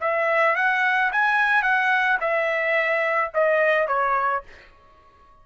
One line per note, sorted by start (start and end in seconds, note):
0.00 0.55 E5
0.55 1.11 F#5
1.12 1.62 G#5
1.62 2.18 F#5
2.20 3.31 E5
3.34 3.87 D#5
3.87 4.43 C#5